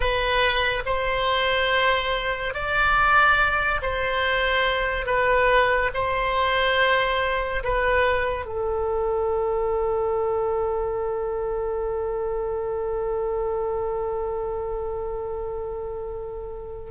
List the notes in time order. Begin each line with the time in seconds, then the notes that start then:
0.00 B4
0.85 C5
2.54 D5
3.81 C5
5.06 B4
5.94 C5
7.63 B4
8.45 A4